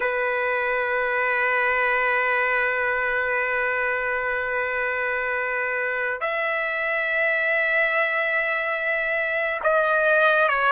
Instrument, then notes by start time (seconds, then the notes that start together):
trumpet
0.00 B4
6.20 E5
9.63 D#5
10.48 C#5